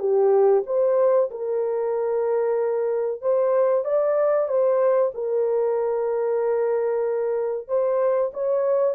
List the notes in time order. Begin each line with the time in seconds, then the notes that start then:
0.00 G4
0.66 C5
1.31 A#4
3.22 C5
3.85 D5
4.49 C5
5.15 A#4
7.68 C5
8.34 C#5